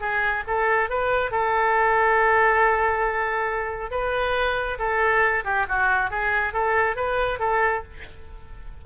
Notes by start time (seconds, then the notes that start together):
0.00 G#4
0.47 A4
0.89 B4
1.31 A4
3.91 B4
4.78 A4
5.44 G4
5.68 F#4
6.10 G#4
6.53 A4
6.95 B4
7.39 A4